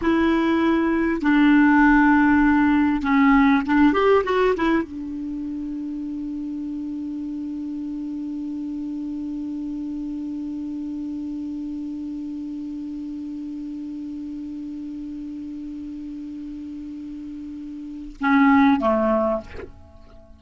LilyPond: \new Staff \with { instrumentName = "clarinet" } { \time 4/4 \tempo 4 = 99 e'2 d'2~ | d'4 cis'4 d'8 g'8 fis'8 e'8 | d'1~ | d'1~ |
d'1~ | d'1~ | d'1~ | d'2 cis'4 a4 | }